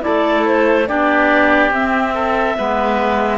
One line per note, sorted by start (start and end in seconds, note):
0.00 0.85 E4
0.00 0.88 A4
0.00 0.45 D5
0.07 0.89 A3
0.46 0.87 C5
0.87 1.70 B3
0.87 1.72 D4
0.87 2.14 G4
0.87 1.72 D5
1.70 2.55 C4
1.70 2.57 C4
1.70 3.37 E5
2.14 2.57 A4
2.57 3.37 G#3
2.57 3.37 B3
2.57 3.37 B4